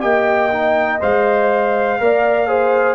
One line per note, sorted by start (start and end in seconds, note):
0.00 1.01 A#3
0.00 0.49 G4
0.00 1.98 D#5
0.00 0.99 G5
0.52 1.00 D#4
1.00 2.00 G#3
1.00 1.98 C5
1.00 2.95 F5
1.99 2.95 A#3
1.99 2.47 A#4
1.99 2.48 D5
2.47 2.95 G#4
2.47 2.95 C5